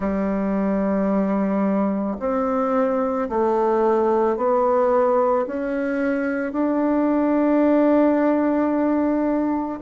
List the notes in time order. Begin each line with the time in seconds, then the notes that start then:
0.00 G3
2.19 C4
3.29 A3
4.36 B3
5.46 C#4
6.52 D4